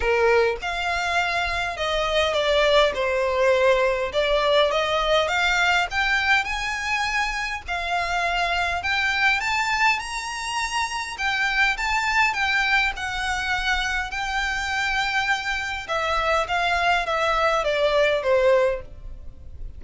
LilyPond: \new Staff \with { instrumentName = "violin" } { \time 4/4 \tempo 4 = 102 ais'4 f''2 dis''4 | d''4 c''2 d''4 | dis''4 f''4 g''4 gis''4~ | gis''4 f''2 g''4 |
a''4 ais''2 g''4 | a''4 g''4 fis''2 | g''2. e''4 | f''4 e''4 d''4 c''4 | }